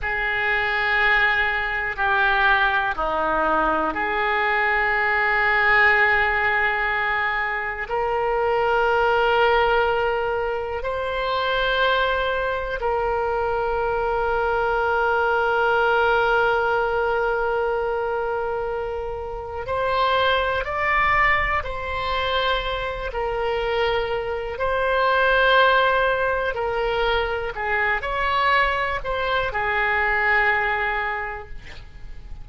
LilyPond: \new Staff \with { instrumentName = "oboe" } { \time 4/4 \tempo 4 = 61 gis'2 g'4 dis'4 | gis'1 | ais'2. c''4~ | c''4 ais'2.~ |
ais'1 | c''4 d''4 c''4. ais'8~ | ais'4 c''2 ais'4 | gis'8 cis''4 c''8 gis'2 | }